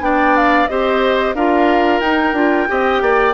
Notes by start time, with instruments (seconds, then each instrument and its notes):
0.00 bassoon B3, clarinet D4, oboe D5, flute G5
0.36 flute F5
0.68 bassoon C4, clarinet G4, oboe C5, flute D#5
1.34 bassoon D4, clarinet F4, oboe A#4, flute F5
2.01 bassoon D#4, clarinet D#4, flute G5
2.33 bassoon D4, clarinet F4
2.68 bassoon C4, clarinet G4, oboe D#5
3.01 bassoon A#3, oboe D5